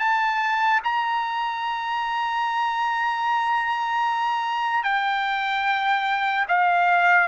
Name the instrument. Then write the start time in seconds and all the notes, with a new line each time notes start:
trumpet
0.00 A5
0.84 A#5
4.84 G5
6.49 F5